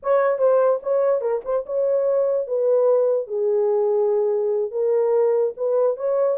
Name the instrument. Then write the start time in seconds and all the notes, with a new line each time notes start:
horn
0.03 C#5
0.38 C5
0.83 C#5
1.21 A#4
1.44 C5
1.66 C#5
2.47 B4
3.27 G#4
4.71 A#4
5.56 B4
5.96 C#5